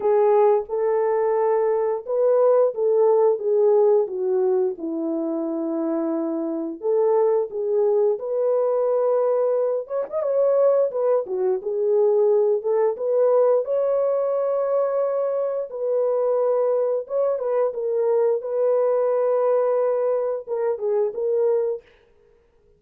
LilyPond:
\new Staff \with { instrumentName = "horn" } { \time 4/4 \tempo 4 = 88 gis'4 a'2 b'4 | a'4 gis'4 fis'4 e'4~ | e'2 a'4 gis'4 | b'2~ b'8 cis''16 dis''16 cis''4 |
b'8 fis'8 gis'4. a'8 b'4 | cis''2. b'4~ | b'4 cis''8 b'8 ais'4 b'4~ | b'2 ais'8 gis'8 ais'4 | }